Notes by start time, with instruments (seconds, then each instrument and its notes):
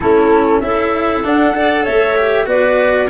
0.00 tuba A3, cello C#4, clarinet E4, flute A4
0.60 tuba C#4, cello E4, clarinet A4, flute E5
1.23 cello D4, tuba D4, flute F#5
1.54 cello A4, clarinet D5
1.83 tuba A3, clarinet C#5, flute E5
2.16 cello G4
2.45 tuba B3, cello F#4, clarinet B4, flute D5